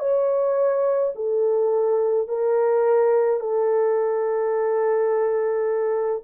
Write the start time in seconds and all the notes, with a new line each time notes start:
0.00 C#5
1.16 A4
2.28 A#4
3.41 A4